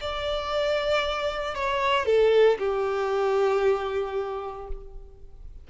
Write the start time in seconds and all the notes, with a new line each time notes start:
0.00 D5
1.55 C#5
2.05 A4
2.58 G4